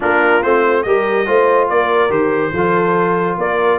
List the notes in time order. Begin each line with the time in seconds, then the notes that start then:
0.00 A#3 D4 F4 A#4
0.42 A3 C4 C5
0.82 G3 G4 A#4 D#5
1.26 A3 F4 C5
1.69 A#3 A#4 D5
2.09 D#3 G4 C5
2.52 F3 F4 A4
3.38 A#3 A#4 D5